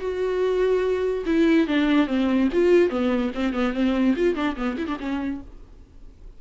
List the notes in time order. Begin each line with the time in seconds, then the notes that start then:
0.00 F#4
1.26 E4
1.67 D4
2.07 C4
2.53 F4
2.90 B3
3.35 C4
3.53 B3
3.73 C4
4.16 F4
4.35 D4
4.56 B3
4.78 E4
4.87 D4
5.00 C#4